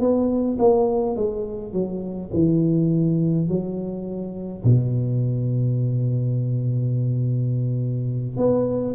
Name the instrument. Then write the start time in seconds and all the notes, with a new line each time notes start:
tuba
0.00 B3
0.59 A#3
1.16 G#3
1.73 F#3
2.33 E3
3.48 F#3
4.64 B2
8.37 B3